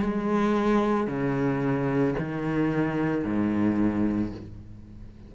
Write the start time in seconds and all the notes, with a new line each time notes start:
0.00 G#3
1.07 C#3
2.19 D#3
3.24 G#2